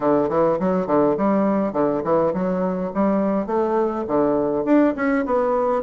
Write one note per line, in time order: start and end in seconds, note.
0.00 0.29 D3
0.29 0.58 E3
0.59 0.87 F#3
0.87 1.16 D3
1.17 1.73 G3
1.73 2.02 D3
2.04 2.33 E3
2.33 2.92 F#3
2.94 3.46 G3
3.46 4.04 A3
4.07 4.64 D3
4.64 4.94 D4
4.95 5.25 C#4
5.25 5.82 B3